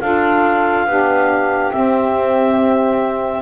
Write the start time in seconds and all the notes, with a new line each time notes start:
0.00 D4 F4 A4 F5
0.86 B3 D4 G4
1.71 C4 E5